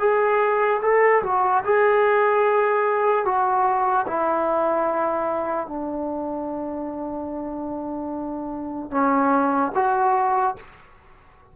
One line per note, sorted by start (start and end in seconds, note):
0.00 0.81 G#4
0.82 1.23 A4
1.23 1.64 F#4
1.65 3.26 G#4
3.26 4.07 F#4
4.08 5.68 E4
5.68 8.92 D4
8.92 9.73 C#4
9.76 10.57 F#4